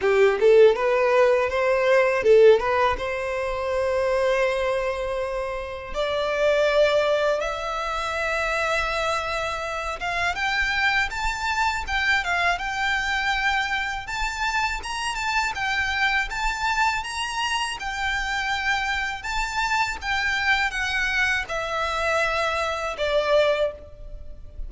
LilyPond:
\new Staff \with { instrumentName = "violin" } { \time 4/4 \tempo 4 = 81 g'8 a'8 b'4 c''4 a'8 b'8 | c''1 | d''2 e''2~ | e''4. f''8 g''4 a''4 |
g''8 f''8 g''2 a''4 | ais''8 a''8 g''4 a''4 ais''4 | g''2 a''4 g''4 | fis''4 e''2 d''4 | }